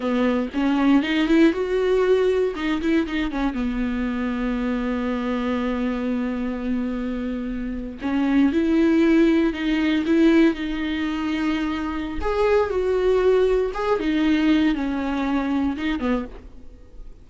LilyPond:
\new Staff \with { instrumentName = "viola" } { \time 4/4 \tempo 4 = 118 b4 cis'4 dis'8 e'8 fis'4~ | fis'4 dis'8 e'8 dis'8 cis'8 b4~ | b1~ | b2.~ b8. cis'16~ |
cis'8. e'2 dis'4 e'16~ | e'8. dis'2.~ dis'16 | gis'4 fis'2 gis'8 dis'8~ | dis'4 cis'2 dis'8 b8 | }